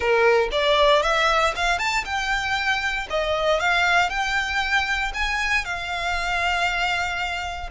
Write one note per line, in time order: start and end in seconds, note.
0.00 0.49 A#4
0.51 1.02 D5
1.02 1.53 E5
1.55 1.78 F5
1.78 2.04 A5
2.05 3.07 G5
3.10 3.60 D#5
3.60 4.09 F5
4.09 5.12 G5
5.14 5.64 G#5
5.64 7.69 F5